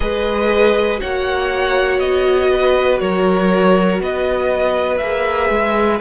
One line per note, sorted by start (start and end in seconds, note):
0.00 1.00 G#3
0.00 0.97 G#4
0.00 1.00 B4
0.00 1.00 D#5
0.97 1.99 A#3
0.97 4.97 F#4
0.97 2.50 C#5
0.97 1.99 F#5
1.99 2.99 B3
1.99 2.99 D#5
2.53 3.01 B4
2.99 4.00 F#3
2.99 4.01 A#4
2.99 3.99 C#5
4.00 5.00 B3
4.00 6.00 B4
4.00 4.97 D#5
4.97 5.49 A#3
4.97 6.00 G#4
4.97 5.97 E5
5.49 5.99 G#3